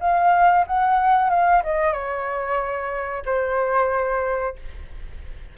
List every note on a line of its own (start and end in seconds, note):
0.00 0.65 F5
0.67 1.30 F#5
1.30 1.62 F5
1.63 1.92 D#5
1.92 3.23 C#5
3.25 4.56 C5